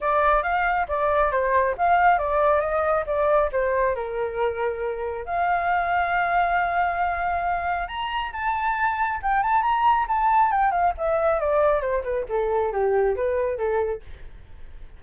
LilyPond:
\new Staff \with { instrumentName = "flute" } { \time 4/4 \tempo 4 = 137 d''4 f''4 d''4 c''4 | f''4 d''4 dis''4 d''4 | c''4 ais'2. | f''1~ |
f''2 ais''4 a''4~ | a''4 g''8 a''8 ais''4 a''4 | g''8 f''8 e''4 d''4 c''8 b'8 | a'4 g'4 b'4 a'4 | }